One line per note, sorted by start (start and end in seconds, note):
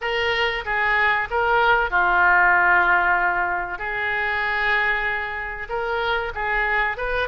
0.01 0.64 A#4
0.65 1.28 G#4
1.30 1.90 A#4
1.90 3.78 F4
3.78 5.68 G#4
5.69 6.32 A#4
6.34 6.97 G#4
6.97 7.28 B4